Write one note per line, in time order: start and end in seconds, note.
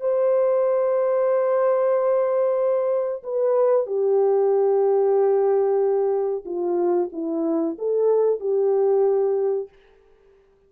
0.00 3.23 C5
3.23 3.86 B4
3.86 6.44 G4
6.45 7.09 F4
7.12 7.77 E4
7.78 8.40 A4
8.40 9.69 G4